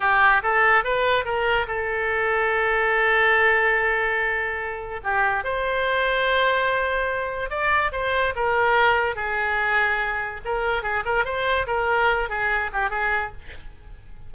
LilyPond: \new Staff \with { instrumentName = "oboe" } { \time 4/4 \tempo 4 = 144 g'4 a'4 b'4 ais'4 | a'1~ | a'1 | g'4 c''2.~ |
c''2 d''4 c''4 | ais'2 gis'2~ | gis'4 ais'4 gis'8 ais'8 c''4 | ais'4. gis'4 g'8 gis'4 | }